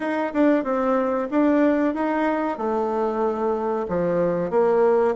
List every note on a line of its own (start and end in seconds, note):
0.00 0.32 D#4
0.33 0.63 D4
0.63 1.28 C4
1.30 1.94 D4
1.94 2.57 D#4
2.57 3.86 A3
3.88 4.50 F3
4.50 5.14 A#3